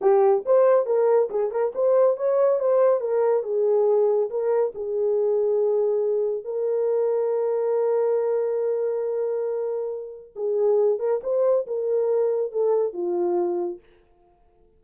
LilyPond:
\new Staff \with { instrumentName = "horn" } { \time 4/4 \tempo 4 = 139 g'4 c''4 ais'4 gis'8 ais'8 | c''4 cis''4 c''4 ais'4 | gis'2 ais'4 gis'4~ | gis'2. ais'4~ |
ais'1~ | ais'1 | gis'4. ais'8 c''4 ais'4~ | ais'4 a'4 f'2 | }